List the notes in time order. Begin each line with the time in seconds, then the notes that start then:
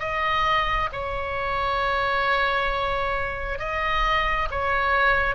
0.00 D#5
0.93 C#5
3.59 D#5
4.51 C#5